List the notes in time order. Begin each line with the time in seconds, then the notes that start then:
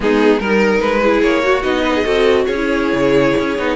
0.00 G#3 B3 D#4 G#4
0.39 G3 D#4 A#4
0.80 G#3 B4
1.02 E4 G#4
1.21 A#3 C#5
1.43 F#4
1.62 B3 D#4 D#5
1.82 B4
1.94 G#4
2.03 C4 F#4 A4
2.45 C#4 G#4 C#5
2.56 E4
2.93 C#3
3.39 C#4
3.58 B3 D#4